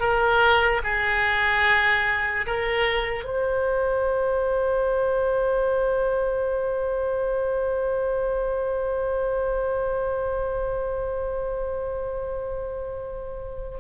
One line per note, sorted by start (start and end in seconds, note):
0.00 0.81 A#4
0.84 2.46 G#4
2.46 3.24 A#4
3.24 13.78 C5